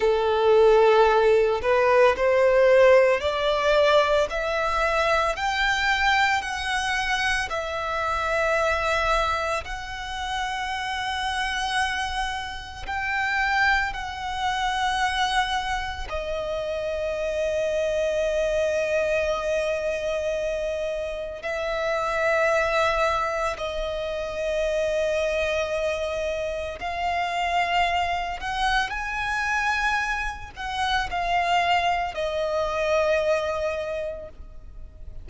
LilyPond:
\new Staff \with { instrumentName = "violin" } { \time 4/4 \tempo 4 = 56 a'4. b'8 c''4 d''4 | e''4 g''4 fis''4 e''4~ | e''4 fis''2. | g''4 fis''2 dis''4~ |
dis''1 | e''2 dis''2~ | dis''4 f''4. fis''8 gis''4~ | gis''8 fis''8 f''4 dis''2 | }